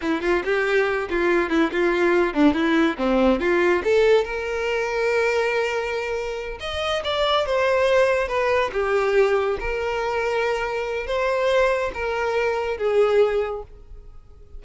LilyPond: \new Staff \with { instrumentName = "violin" } { \time 4/4 \tempo 4 = 141 e'8 f'8 g'4. f'4 e'8 | f'4. d'8 e'4 c'4 | f'4 a'4 ais'2~ | ais'2.~ ais'8 dis''8~ |
dis''8 d''4 c''2 b'8~ | b'8 g'2 ais'4.~ | ais'2 c''2 | ais'2 gis'2 | }